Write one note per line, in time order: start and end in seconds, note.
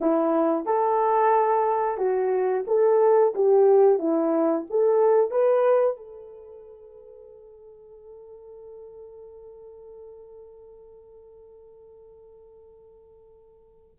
0.00 0.65 E4
0.65 1.97 A4
1.97 2.64 F#4
2.67 3.33 A4
3.35 3.98 G4
3.98 4.65 E4
4.70 5.30 A4
5.30 5.96 B4
5.96 13.96 A4